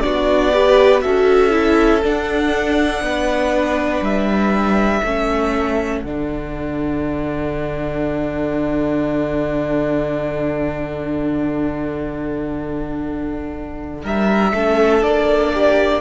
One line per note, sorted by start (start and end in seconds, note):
0.00 1.04 B3
0.00 0.53 D4
0.00 0.53 F#4
0.00 1.00 D5
0.53 1.01 G4
0.53 1.02 B4
1.01 2.04 C#4
1.01 1.50 F#4
1.01 3.02 A4
1.01 2.01 E5
1.50 2.00 E4
2.03 5.03 D4
2.03 3.00 D4
2.03 4.04 F#5
3.00 4.00 B3
3.00 5.03 B4
4.01 5.01 G3
4.01 6.01 E5
5.03 6.03 A3
5.03 6.04 C#4
5.03 14.02 A4
6.01 14.03 D3
6.01 14.55 D4
6.01 14.01 F#5
14.02 14.53 G3
14.02 14.52 A#4
14.02 15.03 E5
14.53 15.02 A3
14.53 15.02 C#4
14.53 15.53 A4
15.02 16.01 A#3
15.02 16.01 D4
15.02 16.01 D5
15.53 16.01 G4